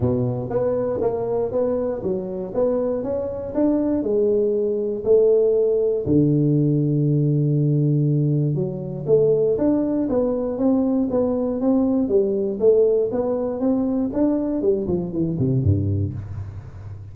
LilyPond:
\new Staff \with { instrumentName = "tuba" } { \time 4/4 \tempo 4 = 119 b,4 b4 ais4 b4 | fis4 b4 cis'4 d'4 | gis2 a2 | d1~ |
d4 fis4 a4 d'4 | b4 c'4 b4 c'4 | g4 a4 b4 c'4 | d'4 g8 f8 e8 c8 g,4 | }